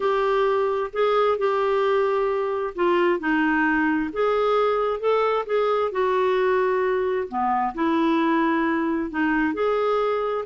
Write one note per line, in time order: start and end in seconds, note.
0.00 0.90 G4
0.92 1.37 G#4
1.37 2.74 G4
2.75 3.19 F4
3.19 4.10 D#4
4.12 5.00 G#4
5.00 5.45 A4
5.45 5.91 G#4
5.91 7.27 F#4
7.28 7.73 B3
7.74 9.10 E4
9.10 9.54 D#4
9.54 10.44 G#4